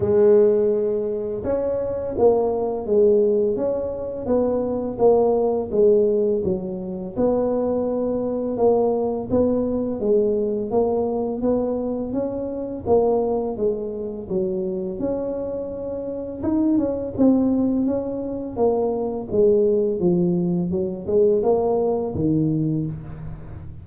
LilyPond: \new Staff \with { instrumentName = "tuba" } { \time 4/4 \tempo 4 = 84 gis2 cis'4 ais4 | gis4 cis'4 b4 ais4 | gis4 fis4 b2 | ais4 b4 gis4 ais4 |
b4 cis'4 ais4 gis4 | fis4 cis'2 dis'8 cis'8 | c'4 cis'4 ais4 gis4 | f4 fis8 gis8 ais4 dis4 | }